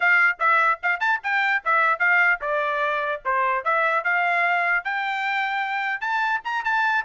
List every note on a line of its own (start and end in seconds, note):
0.00 0.38 F5
0.39 0.80 E5
0.82 0.99 F5
0.99 1.20 A5
1.23 1.63 G5
1.64 1.99 E5
1.99 2.39 F5
2.41 3.21 D5
3.24 3.64 C5
3.64 4.04 E5
4.04 4.84 F5
4.84 6.00 G5
6.00 6.40 A5
6.44 6.64 A#5
6.64 7.04 A5